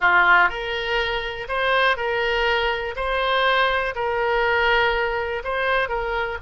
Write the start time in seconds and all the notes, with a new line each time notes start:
0.00 F4
0.49 A#4
1.48 C5
1.96 A#4
2.96 C5
3.95 A#4
5.43 C5
5.88 A#4